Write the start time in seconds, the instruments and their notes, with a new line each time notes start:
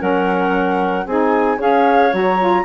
0.00 bassoon F#3, saxophone C#4, clarinet A#4, flute F#5
1.06 bassoon C4, saxophone D#4, clarinet G#4, flute G#5
1.59 bassoon C#4, saxophone G#4, clarinet C#5, flute F5
2.12 bassoon F#3, saxophone F#4, flute A#5
2.39 saxophone F4